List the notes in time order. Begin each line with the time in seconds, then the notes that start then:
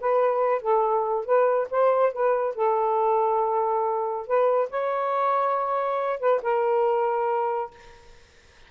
0.00 B4
0.61 A4
1.25 B4
1.70 C5
2.12 B4
2.55 A4
4.26 B4
4.70 C#5
6.19 B4
6.42 A#4